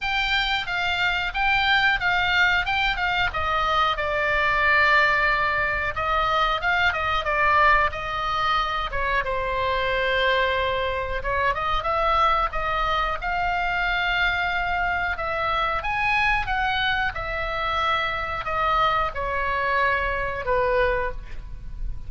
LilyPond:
\new Staff \with { instrumentName = "oboe" } { \time 4/4 \tempo 4 = 91 g''4 f''4 g''4 f''4 | g''8 f''8 dis''4 d''2~ | d''4 dis''4 f''8 dis''8 d''4 | dis''4. cis''8 c''2~ |
c''4 cis''8 dis''8 e''4 dis''4 | f''2. e''4 | gis''4 fis''4 e''2 | dis''4 cis''2 b'4 | }